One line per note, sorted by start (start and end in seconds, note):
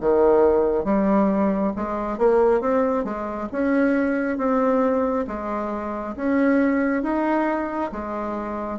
0.00 0.84 D#3
0.84 1.72 G3
1.76 2.18 G#3
2.18 2.60 A#3
2.60 3.04 C4
3.04 3.48 G#3
3.52 4.37 C#4
4.37 5.25 C4
5.27 6.15 G#3
6.16 7.03 C#4
7.03 7.91 D#4
7.92 8.79 G#3